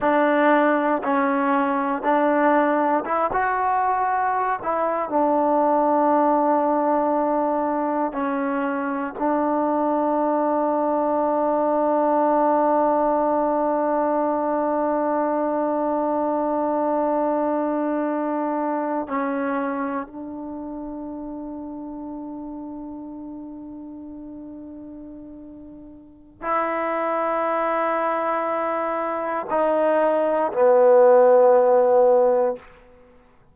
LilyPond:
\new Staff \with { instrumentName = "trombone" } { \time 4/4 \tempo 4 = 59 d'4 cis'4 d'4 e'16 fis'8.~ | fis'8 e'8 d'2. | cis'4 d'2.~ | d'1~ |
d'2~ d'8. cis'4 d'16~ | d'1~ | d'2 e'2~ | e'4 dis'4 b2 | }